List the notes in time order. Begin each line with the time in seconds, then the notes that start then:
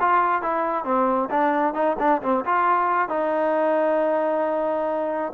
0.00 F4
0.42 E4
0.84 C4
1.30 D4
1.74 D#4
1.99 D4
2.22 C4
2.45 F4
3.09 D#4